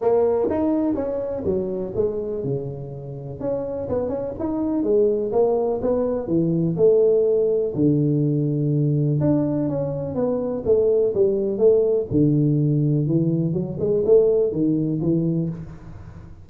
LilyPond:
\new Staff \with { instrumentName = "tuba" } { \time 4/4 \tempo 4 = 124 ais4 dis'4 cis'4 fis4 | gis4 cis2 cis'4 | b8 cis'8 dis'4 gis4 ais4 | b4 e4 a2 |
d2. d'4 | cis'4 b4 a4 g4 | a4 d2 e4 | fis8 gis8 a4 dis4 e4 | }